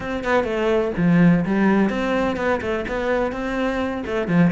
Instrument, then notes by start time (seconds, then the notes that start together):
cello
0.00 C4
0.24 B3
0.44 A3
0.97 F3
1.45 G3
1.89 C4
2.36 B3
2.61 A3
2.87 B3
3.32 C4
4.06 A3
4.27 F3